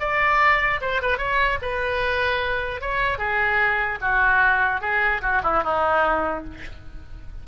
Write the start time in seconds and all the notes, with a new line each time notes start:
0.00 D5
0.81 C5
1.02 B4
1.18 C#5
1.62 B4
2.81 C#5
3.18 G#4
4.01 F#4
4.81 G#4
5.22 F#4
5.43 E4
5.64 D#4